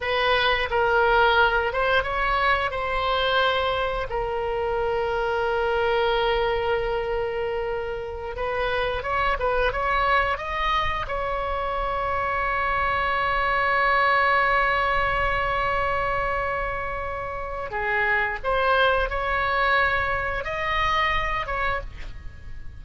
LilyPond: \new Staff \with { instrumentName = "oboe" } { \time 4/4 \tempo 4 = 88 b'4 ais'4. c''8 cis''4 | c''2 ais'2~ | ais'1~ | ais'16 b'4 cis''8 b'8 cis''4 dis''8.~ |
dis''16 cis''2.~ cis''8.~ | cis''1~ | cis''2 gis'4 c''4 | cis''2 dis''4. cis''8 | }